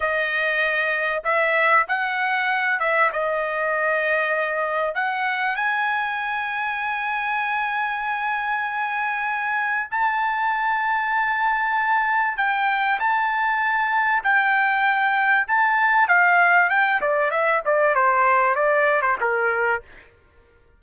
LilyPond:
\new Staff \with { instrumentName = "trumpet" } { \time 4/4 \tempo 4 = 97 dis''2 e''4 fis''4~ | fis''8 e''8 dis''2. | fis''4 gis''2.~ | gis''1 |
a''1 | g''4 a''2 g''4~ | g''4 a''4 f''4 g''8 d''8 | e''8 d''8 c''4 d''8. c''16 ais'4 | }